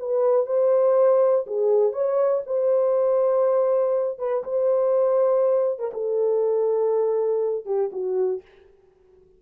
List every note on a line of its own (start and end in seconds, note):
0.00 0.47 B4
0.47 1.46 C5
1.47 1.93 G#4
1.93 2.43 C#5
2.47 4.19 C5
4.19 4.44 B4
4.44 5.79 C5
5.79 5.92 A#4
5.94 7.66 A4
7.66 7.91 G4
7.93 8.43 F#4